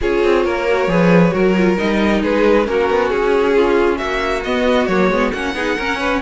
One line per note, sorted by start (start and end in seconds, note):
0.01 0.24 C#4
0.01 0.67 F4
0.01 0.45 G#4
0.01 1.78 C#5
0.24 0.45 C4
0.45 0.87 A#3
0.45 0.90 A#4
0.68 0.88 F#4
0.87 1.31 F3
0.87 1.31 G#4
0.87 1.33 B4
1.31 1.78 F#3
1.31 1.53 F#4
1.31 2.22 A#4
1.57 1.77 F4
1.77 2.23 G3
1.77 2.64 D#4
1.77 2.23 D#5
2.22 2.67 G#3
2.22 2.66 G#4
2.22 2.66 B4
2.64 2.89 A#3
2.64 4.41 C#4
2.64 3.56 F#4
2.64 3.10 A#4
2.89 3.11 B3
3.10 4.00 C#4
3.10 3.97 G#4
3.56 3.98 F4
3.97 4.45 A#3
3.97 5.53 F#4
3.97 4.42 E5
4.44 4.88 B3
4.44 4.89 B3
4.44 4.86 D#5
4.86 5.09 F#3
4.86 5.11 A#3
4.86 5.30 C#5
5.09 5.31 G#3
5.09 5.34 B3
5.32 5.54 A#3
5.32 5.55 C#4
5.32 6.21 F#5
5.54 5.77 B3
5.54 5.77 D#4
5.54 5.76 G#4
5.76 6.21 C#4
5.76 5.99 A#4
5.99 6.21 B4